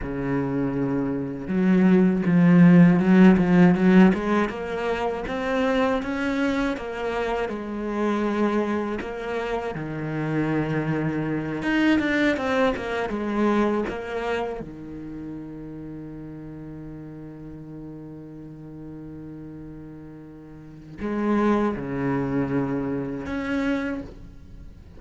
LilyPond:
\new Staff \with { instrumentName = "cello" } { \time 4/4 \tempo 4 = 80 cis2 fis4 f4 | fis8 f8 fis8 gis8 ais4 c'4 | cis'4 ais4 gis2 | ais4 dis2~ dis8 dis'8 |
d'8 c'8 ais8 gis4 ais4 dis8~ | dis1~ | dis1 | gis4 cis2 cis'4 | }